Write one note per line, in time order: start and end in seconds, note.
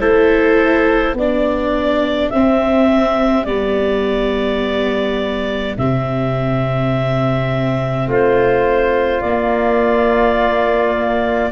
0.00 1.14 A3
0.00 1.16 E4
0.00 1.15 A4
0.00 1.15 C5
1.14 2.29 B3
1.14 2.34 D4
1.14 8.07 G4
1.14 2.30 D5
2.30 3.45 C4
2.30 3.47 C4
2.30 3.45 E5
3.45 5.76 G3
3.45 5.77 B3
3.45 5.75 D5
5.78 8.07 C3
5.78 9.25 C4
5.78 8.09 E5
8.07 9.22 A3
8.07 11.52 F4
8.07 9.21 C5
9.21 11.52 A#3
9.21 11.52 D5